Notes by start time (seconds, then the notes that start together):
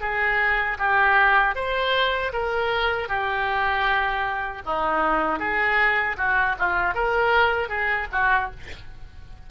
0.00 G#4
0.78 G4
1.55 C5
2.33 A#4
3.08 G4
4.65 D#4
5.39 G#4
6.17 F#4
6.58 F4
6.94 A#4
7.68 G#4
8.12 F#4